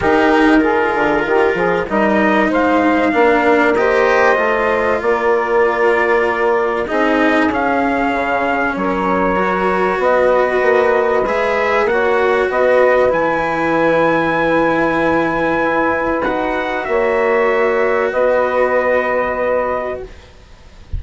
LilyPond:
<<
  \new Staff \with { instrumentName = "trumpet" } { \time 4/4 \tempo 4 = 96 ais'2. dis''4 | f''2 dis''2 | d''2. dis''4 | f''2 cis''2 |
dis''2 e''4 fis''4 | dis''4 gis''2.~ | gis''2 fis''4 e''4~ | e''4 dis''2. | }
  \new Staff \with { instrumentName = "saxophone" } { \time 4/4 g'4 gis'4 g'8 gis'8 ais'4 | c''4 ais'4 c''2 | ais'2. gis'4~ | gis'2 ais'2 |
b'2. cis''4 | b'1~ | b'2. cis''4~ | cis''4 b'2. | }
  \new Staff \with { instrumentName = "cello" } { \time 4/4 dis'4 f'2 dis'4~ | dis'4 d'4 g'4 f'4~ | f'2. dis'4 | cis'2. fis'4~ |
fis'2 gis'4 fis'4~ | fis'4 e'2.~ | e'2 fis'2~ | fis'1 | }
  \new Staff \with { instrumentName = "bassoon" } { \time 4/4 dis4. d8 dis8 f8 g4 | gis4 ais2 a4 | ais2. c'4 | cis'4 cis4 fis2 |
b4 ais4 gis4 ais4 | b4 e2.~ | e4 e'4 dis'4 ais4~ | ais4 b2. | }
>>